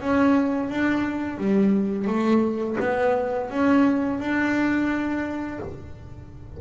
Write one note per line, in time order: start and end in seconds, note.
0.00 0.69 C#4
0.69 1.37 D4
1.37 2.07 G3
2.07 2.77 A3
2.80 3.50 B3
3.50 4.20 C#4
4.20 5.59 D4